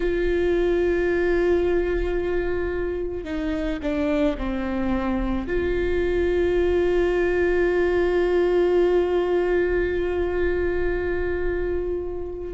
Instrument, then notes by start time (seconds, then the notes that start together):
viola
0.00 F4
3.24 D#4
3.82 D4
4.37 C4
5.46 F4